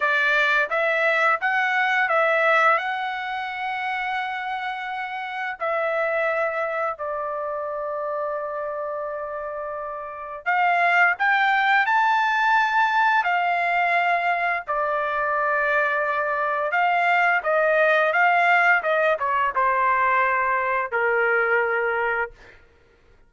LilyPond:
\new Staff \with { instrumentName = "trumpet" } { \time 4/4 \tempo 4 = 86 d''4 e''4 fis''4 e''4 | fis''1 | e''2 d''2~ | d''2. f''4 |
g''4 a''2 f''4~ | f''4 d''2. | f''4 dis''4 f''4 dis''8 cis''8 | c''2 ais'2 | }